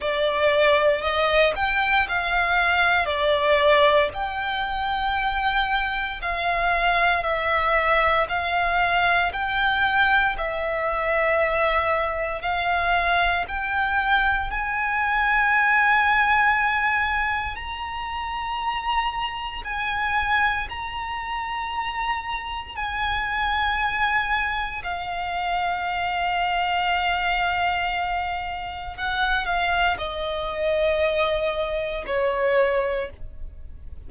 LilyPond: \new Staff \with { instrumentName = "violin" } { \time 4/4 \tempo 4 = 58 d''4 dis''8 g''8 f''4 d''4 | g''2 f''4 e''4 | f''4 g''4 e''2 | f''4 g''4 gis''2~ |
gis''4 ais''2 gis''4 | ais''2 gis''2 | f''1 | fis''8 f''8 dis''2 cis''4 | }